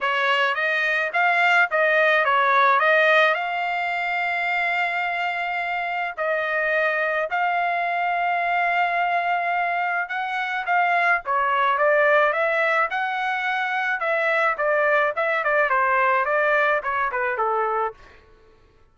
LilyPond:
\new Staff \with { instrumentName = "trumpet" } { \time 4/4 \tempo 4 = 107 cis''4 dis''4 f''4 dis''4 | cis''4 dis''4 f''2~ | f''2. dis''4~ | dis''4 f''2.~ |
f''2 fis''4 f''4 | cis''4 d''4 e''4 fis''4~ | fis''4 e''4 d''4 e''8 d''8 | c''4 d''4 cis''8 b'8 a'4 | }